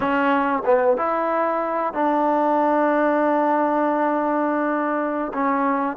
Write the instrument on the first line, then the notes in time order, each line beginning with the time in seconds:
trombone
0.00 C#4
0.65 B3
0.97 E4
1.93 D4
5.33 C#4